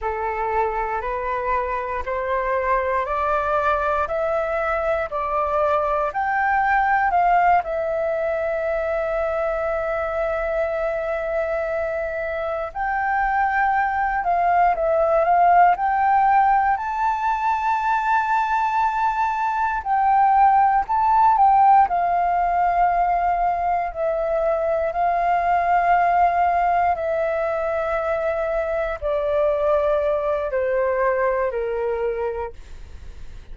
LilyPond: \new Staff \with { instrumentName = "flute" } { \time 4/4 \tempo 4 = 59 a'4 b'4 c''4 d''4 | e''4 d''4 g''4 f''8 e''8~ | e''1~ | e''8 g''4. f''8 e''8 f''8 g''8~ |
g''8 a''2. g''8~ | g''8 a''8 g''8 f''2 e''8~ | e''8 f''2 e''4.~ | e''8 d''4. c''4 ais'4 | }